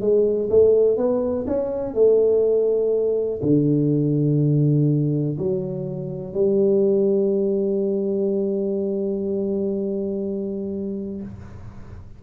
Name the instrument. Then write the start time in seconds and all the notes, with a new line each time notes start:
tuba
0.00 G#3
0.49 A3
0.97 B3
1.47 C#4
1.94 A3
3.42 D3
5.38 F#3
6.33 G3